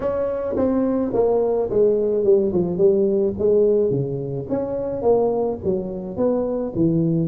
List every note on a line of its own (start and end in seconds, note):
0.00 0.55 C#4
0.56 1.12 C4
1.13 1.69 A#3
1.70 2.24 G#3
2.24 2.52 G3
2.53 2.77 F3
2.77 3.33 G3
3.38 3.90 G#3
3.90 4.46 C#3
4.49 5.02 C#4
5.02 5.58 A#3
5.64 6.16 F#3
6.16 6.72 B3
6.75 7.28 E3